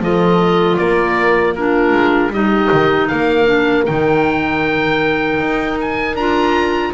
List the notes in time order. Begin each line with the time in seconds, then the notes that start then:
0.00 F3 F4 A4 D#5
0.77 A#3 A#4 D5
1.55 D4 F4 A#4
1.92 G#3
2.29 G3 D#4 G4 D#5
2.72 D#3
3.08 A#3 A#4 F5
3.45 D4
3.85 D#3 D#4 G5
5.39 D#4
5.81 G#5
6.15 D4 F4 A#5